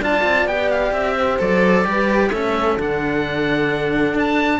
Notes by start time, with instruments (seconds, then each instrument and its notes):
0.00 cello D4 F4, horn D5, oboe A5
0.24 cello C4
0.46 cello B3 G4, oboe G5
0.71 oboe F5
0.92 cello C4, oboe E5
1.17 horn C5
1.39 cello F#3 A4, oboe D5
1.85 cello G3 G4, horn B4
2.29 cello A3 C#4, horn A4, oboe E5
2.77 cello D3 D4, oboe F#5
4.14 cello D4, oboe A5